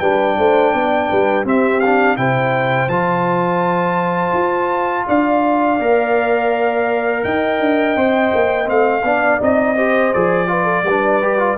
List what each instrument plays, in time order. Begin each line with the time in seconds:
0.00 tuba G3, trombone D4, horn B4, trumpet G5
0.39 tuba A3, horn C5
0.73 tuba B3, horn D5
1.10 tuba G3, horn B4
1.45 trombone C4, tuba C4, horn G4, trumpet E5
1.81 trombone D4, trumpet F5
2.17 tuba C3, trombone E4, horn C5, trumpet G5
2.89 tuba F3, trombone F4, trumpet A5
4.34 tuba F4
5.07 tuba D4, horn D5, trumpet F5
5.80 tuba A#3, trombone A#4
7.25 tuba D#4, horn D#5, trumpet G5
7.60 tuba D4
7.97 tuba C4, trombone C5
8.35 tuba A#3
8.65 tuba A3, trombone C4, trumpet F5
9.04 tuba B3, trombone D4, horn D5
9.40 tuba C4, trombone D#4, trumpet D#5
9.77 trombone G4, horn C5
10.14 tuba F3, trombone G#4, trumpet D5
10.48 trombone F4, horn B4
10.65 horn A4
10.84 tuba G3, horn B4
10.91 trombone D4
11.23 trombone G4
11.39 trombone F4